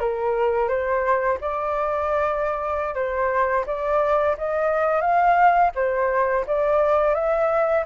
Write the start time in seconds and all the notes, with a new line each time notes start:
0.00 A#4
0.69 C5
1.41 D5
2.95 C5
3.67 D5
4.38 D#5
5.02 F5
5.76 C5
6.47 D5
7.15 E5